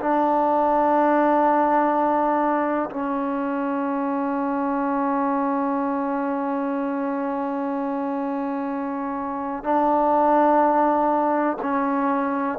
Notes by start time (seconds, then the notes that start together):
0.00 D4
2.91 C#4
9.64 D4
11.63 C#4